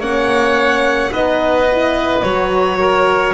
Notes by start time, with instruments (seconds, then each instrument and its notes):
0.00 double bass A#3, horn C#4, oboe C#5, violin F#5
1.12 double bass B3, horn D#4, oboe B4, violin D#5
1.72 horn E4
2.23 double bass F#3, horn F#4, violin C#5
2.80 oboe A#4